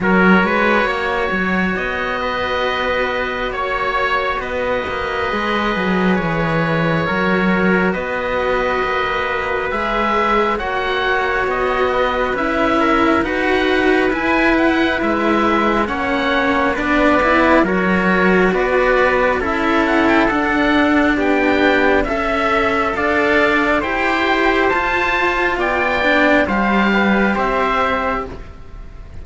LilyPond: <<
  \new Staff \with { instrumentName = "oboe" } { \time 4/4 \tempo 4 = 68 cis''2 dis''2 | cis''4 dis''2 cis''4~ | cis''4 dis''2 e''4 | fis''4 dis''4 e''4 fis''4 |
gis''8 fis''8 e''4 fis''4 d''4 | cis''4 d''4 e''8 fis''16 g''16 fis''4 | g''4 e''4 f''4 g''4 | a''4 g''4 f''4 e''4 | }
  \new Staff \with { instrumentName = "trumpet" } { \time 4/4 ais'8 b'8 cis''4. b'4. | cis''4 b'2. | ais'4 b'2. | cis''4. b'4 ais'8 b'4~ |
b'2 cis''4 b'4 | ais'4 b'4 a'2 | g'4 e''4 d''4 c''4~ | c''4 d''4 c''8 b'8 c''4 | }
  \new Staff \with { instrumentName = "cello" } { \time 4/4 fis'1~ | fis'2 gis'2 | fis'2. gis'4 | fis'2 e'4 fis'4 |
e'2 cis'4 d'8 e'8 | fis'2 e'4 d'4~ | d'4 a'2 g'4 | f'4. d'8 g'2 | }
  \new Staff \with { instrumentName = "cello" } { \time 4/4 fis8 gis8 ais8 fis8 b2 | ais4 b8 ais8 gis8 fis8 e4 | fis4 b4 ais4 gis4 | ais4 b4 cis'4 dis'4 |
e'4 gis4 ais4 b4 | fis4 b4 cis'4 d'4 | b4 cis'4 d'4 e'4 | f'4 b4 g4 c'4 | }
>>